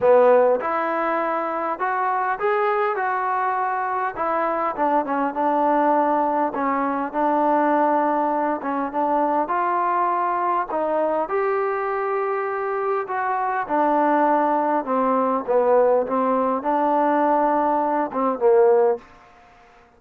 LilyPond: \new Staff \with { instrumentName = "trombone" } { \time 4/4 \tempo 4 = 101 b4 e'2 fis'4 | gis'4 fis'2 e'4 | d'8 cis'8 d'2 cis'4 | d'2~ d'8 cis'8 d'4 |
f'2 dis'4 g'4~ | g'2 fis'4 d'4~ | d'4 c'4 b4 c'4 | d'2~ d'8 c'8 ais4 | }